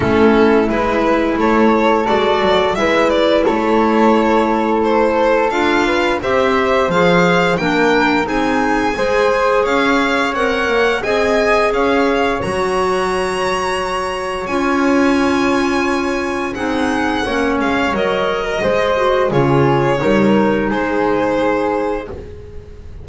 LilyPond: <<
  \new Staff \with { instrumentName = "violin" } { \time 4/4 \tempo 4 = 87 a'4 b'4 cis''4 d''4 | e''8 d''8 cis''2 c''4 | f''4 e''4 f''4 g''4 | gis''2 f''4 fis''4 |
gis''4 f''4 ais''2~ | ais''4 gis''2. | fis''4. f''8 dis''2 | cis''2 c''2 | }
  \new Staff \with { instrumentName = "flute" } { \time 4/4 e'2 a'2 | b'4 a'2.~ | a'8 b'8 c''2 ais'4 | gis'4 c''4 cis''2 |
dis''4 cis''2.~ | cis''1 | gis'4 cis''4.~ cis''16 ais'16 c''4 | gis'4 ais'4 gis'2 | }
  \new Staff \with { instrumentName = "clarinet" } { \time 4/4 cis'4 e'2 fis'4 | e'1 | f'4 g'4 gis'4 d'4 | dis'4 gis'2 ais'4 |
gis'2 fis'2~ | fis'4 f'2. | dis'4 cis'4 ais'4 gis'8 fis'8 | f'4 dis'2. | }
  \new Staff \with { instrumentName = "double bass" } { \time 4/4 a4 gis4 a4 gis8 fis8 | gis4 a2. | d'4 c'4 f4 ais4 | c'4 gis4 cis'4 c'8 ais8 |
c'4 cis'4 fis2~ | fis4 cis'2. | c'4 ais8 gis8 fis4 gis4 | cis4 g4 gis2 | }
>>